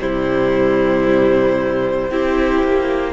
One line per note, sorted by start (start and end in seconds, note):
0.00 2.11 C3
0.00 2.11 G3
0.00 2.11 E4
0.00 3.14 C5
2.11 2.63 C4
2.11 3.14 E4
2.11 3.14 G4
2.64 3.14 A#3